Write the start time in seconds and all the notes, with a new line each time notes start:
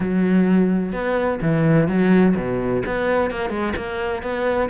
0.00 F#3
0.92 B3
1.41 E3
1.88 F#3
2.36 B2
2.86 B3
3.30 A#3
3.49 G#3
3.76 A#3
4.22 B3